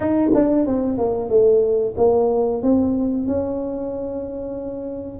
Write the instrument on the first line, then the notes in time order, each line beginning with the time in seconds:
tuba
0.00 D#4
0.34 D4
0.66 C4
0.98 A#3
1.29 A3
1.97 A#3
2.62 C4
3.27 C#4